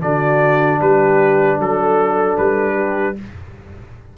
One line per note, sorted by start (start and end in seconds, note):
0.00 0.80 D3
0.00 3.16 D4
0.00 0.79 F#4
0.00 0.80 D5
0.79 1.58 G3
0.79 1.58 G4
0.79 1.60 B4
1.58 2.37 F#3
1.58 2.37 A4
1.58 2.74 A4
2.37 3.17 G3
2.37 3.16 B4
2.74 3.14 G4